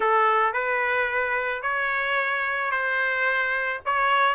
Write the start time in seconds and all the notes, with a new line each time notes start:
0.00 A4
0.53 B4
1.62 C#5
2.71 C5
3.85 C#5